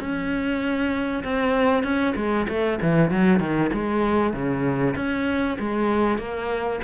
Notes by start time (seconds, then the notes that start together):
0.00 C#4
1.24 C4
1.84 C#4
2.16 G#3
2.49 A3
2.82 E3
3.11 F#3
3.40 D#3
3.73 G#3
4.34 C#3
4.96 C#4
5.60 G#3
6.19 A#3